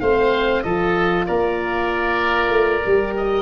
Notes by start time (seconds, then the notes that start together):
0.00 A3 C4 C5 F5
0.63 F3 F4 A4 D#5
1.26 A#3 A#4 D5
2.50 A3
2.85 G3 G4
3.17 D#5